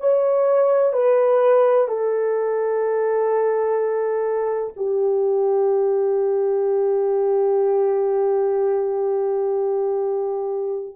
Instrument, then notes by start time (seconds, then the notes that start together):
horn
0.00 C#5
0.93 B4
1.88 A4
4.76 G4